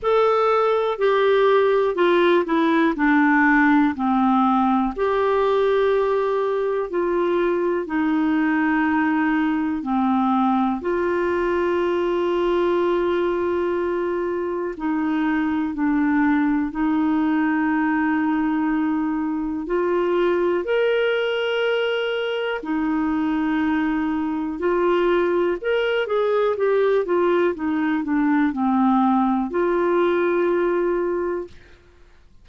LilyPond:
\new Staff \with { instrumentName = "clarinet" } { \time 4/4 \tempo 4 = 61 a'4 g'4 f'8 e'8 d'4 | c'4 g'2 f'4 | dis'2 c'4 f'4~ | f'2. dis'4 |
d'4 dis'2. | f'4 ais'2 dis'4~ | dis'4 f'4 ais'8 gis'8 g'8 f'8 | dis'8 d'8 c'4 f'2 | }